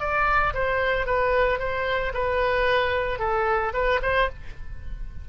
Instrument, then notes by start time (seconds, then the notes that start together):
oboe
0.00 D5
0.54 C5
1.06 B4
1.59 C5
2.14 B4
3.19 A4
3.74 B4
4.02 C5